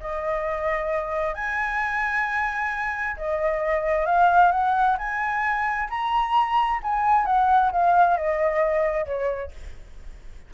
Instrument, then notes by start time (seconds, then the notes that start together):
flute
0.00 D#5
1.35 G#5
3.17 D#5
4.06 F5
4.51 F#5
4.98 G#5
5.89 A#5
6.83 G#5
7.26 F#5
7.71 F5
8.17 D#5
9.06 C#5